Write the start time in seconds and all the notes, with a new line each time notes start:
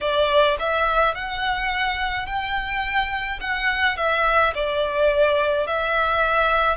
0.00 D5
0.59 E5
1.14 F#5
2.26 G5
3.40 F#5
3.96 E5
4.54 D5
5.66 E5